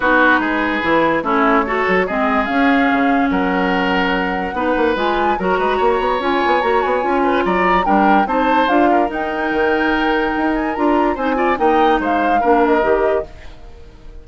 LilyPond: <<
  \new Staff \with { instrumentName = "flute" } { \time 4/4 \tempo 4 = 145 b'2. cis''4~ | cis''4 dis''4 f''2 | fis''1 | gis''4 ais''2 gis''4 |
ais''8 gis''4. ais''4 g''4 | a''4 f''4 g''2~ | g''4. gis''8 ais''4 gis''4 | g''4 f''4. dis''4. | }
  \new Staff \with { instrumentName = "oboe" } { \time 4/4 fis'4 gis'2 e'4 | a'4 gis'2. | ais'2. b'4~ | b'4 ais'8 b'8 cis''2~ |
cis''4. b'8 d''4 ais'4 | c''4. ais'2~ ais'8~ | ais'2. c''8 d''8 | dis''4 c''4 ais'2 | }
  \new Staff \with { instrumentName = "clarinet" } { \time 4/4 dis'2 e'4 cis'4 | fis'4 c'4 cis'2~ | cis'2. dis'4 | f'4 fis'2 f'4 |
fis'4 f'2 d'4 | dis'4 f'4 dis'2~ | dis'2 f'4 dis'8 f'8 | dis'2 d'4 g'4 | }
  \new Staff \with { instrumentName = "bassoon" } { \time 4/4 b4 gis4 e4 a4~ | a8 fis8 gis4 cis'4 cis4 | fis2. b8 ais8 | gis4 fis8 gis8 ais8 b8 cis'8 b8 |
ais8 b8 cis'4 fis4 g4 | c'4 d'4 dis'4 dis4~ | dis4 dis'4 d'4 c'4 | ais4 gis4 ais4 dis4 | }
>>